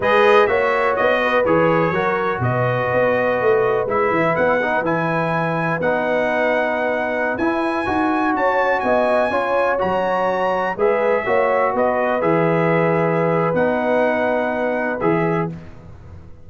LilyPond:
<<
  \new Staff \with { instrumentName = "trumpet" } { \time 4/4 \tempo 4 = 124 dis''4 e''4 dis''4 cis''4~ | cis''4 dis''2. | e''4 fis''4 gis''2 | fis''2.~ fis''16 gis''8.~ |
gis''4~ gis''16 a''4 gis''4.~ gis''16~ | gis''16 ais''2 e''4.~ e''16~ | e''16 dis''4 e''2~ e''8. | fis''2. e''4 | }
  \new Staff \with { instrumentName = "horn" } { \time 4/4 b'4 cis''4. b'4. | ais'4 b'2.~ | b'1~ | b'1~ |
b'4~ b'16 cis''4 dis''4 cis''8.~ | cis''2~ cis''16 b'4 cis''8.~ | cis''16 b'2.~ b'8.~ | b'1 | }
  \new Staff \with { instrumentName = "trombone" } { \time 4/4 gis'4 fis'2 gis'4 | fis'1 | e'4. dis'8 e'2 | dis'2.~ dis'16 e'8.~ |
e'16 fis'2. f'8.~ | f'16 fis'2 gis'4 fis'8.~ | fis'4~ fis'16 gis'2~ gis'8. | dis'2. gis'4 | }
  \new Staff \with { instrumentName = "tuba" } { \time 4/4 gis4 ais4 b4 e4 | fis4 b,4 b4 a4 | gis8 e8 b4 e2 | b2.~ b16 e'8.~ |
e'16 dis'4 cis'4 b4 cis'8.~ | cis'16 fis2 gis4 ais8.~ | ais16 b4 e2~ e8. | b2. e4 | }
>>